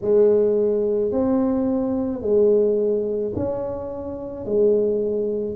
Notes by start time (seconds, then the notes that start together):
0.01 G#3
1.11 C4
2.21 G#3
3.35 C#4
4.44 G#3